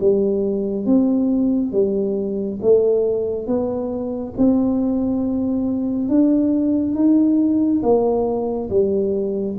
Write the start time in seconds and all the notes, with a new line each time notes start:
0.00 G3
0.86 C4
1.72 G3
2.62 A3
3.47 B3
4.37 C4
6.09 D4
6.95 D#4
7.83 A#3
8.70 G3